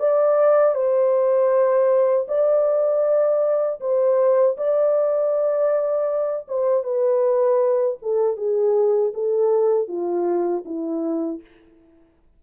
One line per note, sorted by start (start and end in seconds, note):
0.00 0.75 D5
0.75 2.27 C5
2.29 3.80 D5
3.81 4.57 C5
4.58 6.48 D5
6.48 6.84 C5
6.84 7.98 B4
8.03 8.38 A4
8.38 9.13 G#4
9.14 9.88 A4
9.88 10.64 F4
10.66 11.42 E4